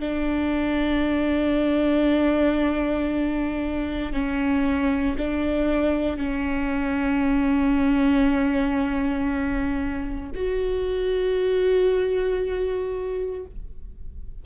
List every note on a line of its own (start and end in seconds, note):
0.00 4.13 D4
4.13 5.16 C#4
5.18 6.17 D4
6.17 10.31 C#4
10.35 13.46 F#4